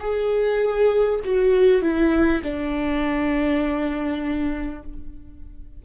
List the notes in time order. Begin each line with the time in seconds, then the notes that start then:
0.00 G#4
1.24 F#4
1.82 E4
2.43 D4